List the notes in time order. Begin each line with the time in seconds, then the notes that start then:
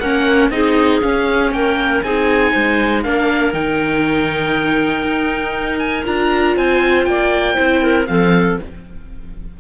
0.00 A#3 C#4 A#4 F#5
0.51 C4 D#4 G#4 D#5
1.02 C#4 F5
1.52 A#3 A#4 G5
2.03 C4 D#4 G#4 G#5
2.52 G#3 C5
3.04 A#3 D4 A#4 F5
3.54 D#3 D#4 G5
5.03 D#4
5.79 G#5
6.05 D4 F4 A#5
6.57 C4 C5 G#5
7.05 A#3 D5 G5
7.55 C4 E4 C5
7.83 A#4
8.07 F3 C4 A4 F5